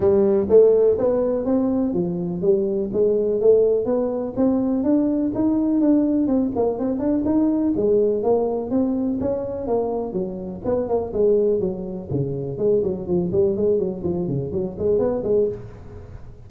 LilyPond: \new Staff \with { instrumentName = "tuba" } { \time 4/4 \tempo 4 = 124 g4 a4 b4 c'4 | f4 g4 gis4 a4 | b4 c'4 d'4 dis'4 | d'4 c'8 ais8 c'8 d'8 dis'4 |
gis4 ais4 c'4 cis'4 | ais4 fis4 b8 ais8 gis4 | fis4 cis4 gis8 fis8 f8 g8 | gis8 fis8 f8 cis8 fis8 gis8 b8 gis8 | }